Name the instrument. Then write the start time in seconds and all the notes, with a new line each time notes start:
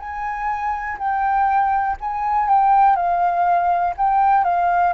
flute
0.00 G#5
0.99 G5
2.01 G#5
2.49 G5
2.96 F5
3.97 G5
4.44 F5